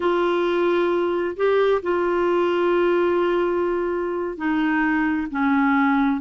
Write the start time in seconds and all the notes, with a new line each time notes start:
0.00 F4
1.36 G4
1.82 F4
4.37 D#4
5.30 C#4